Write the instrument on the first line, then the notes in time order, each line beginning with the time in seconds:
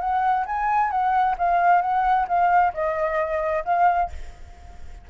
flute
0.00 F#5
0.46 G#5
0.91 F#5
1.38 F5
1.82 F#5
2.28 F5
2.74 D#5
3.65 F5